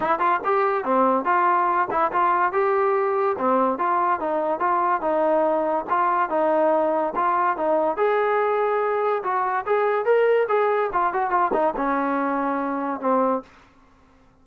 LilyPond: \new Staff \with { instrumentName = "trombone" } { \time 4/4 \tempo 4 = 143 e'8 f'8 g'4 c'4 f'4~ | f'8 e'8 f'4 g'2 | c'4 f'4 dis'4 f'4 | dis'2 f'4 dis'4~ |
dis'4 f'4 dis'4 gis'4~ | gis'2 fis'4 gis'4 | ais'4 gis'4 f'8 fis'8 f'8 dis'8 | cis'2. c'4 | }